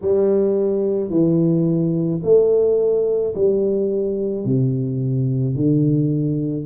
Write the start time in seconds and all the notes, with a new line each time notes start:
0.01 G3
1.10 E3
2.23 A3
3.34 G3
4.44 C3
5.55 D3